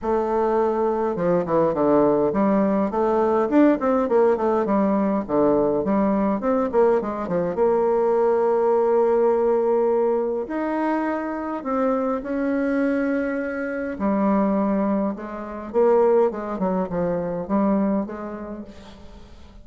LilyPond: \new Staff \with { instrumentName = "bassoon" } { \time 4/4 \tempo 4 = 103 a2 f8 e8 d4 | g4 a4 d'8 c'8 ais8 a8 | g4 d4 g4 c'8 ais8 | gis8 f8 ais2.~ |
ais2 dis'2 | c'4 cis'2. | g2 gis4 ais4 | gis8 fis8 f4 g4 gis4 | }